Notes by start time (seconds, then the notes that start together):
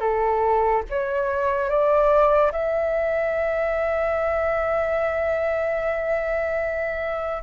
0.00 A4
0.89 C#5
1.69 D5
2.51 E5